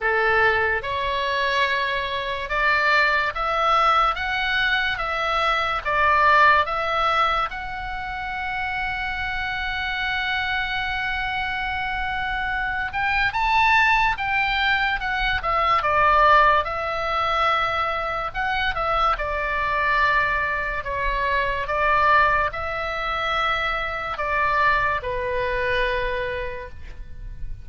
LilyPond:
\new Staff \with { instrumentName = "oboe" } { \time 4/4 \tempo 4 = 72 a'4 cis''2 d''4 | e''4 fis''4 e''4 d''4 | e''4 fis''2.~ | fis''2.~ fis''8 g''8 |
a''4 g''4 fis''8 e''8 d''4 | e''2 fis''8 e''8 d''4~ | d''4 cis''4 d''4 e''4~ | e''4 d''4 b'2 | }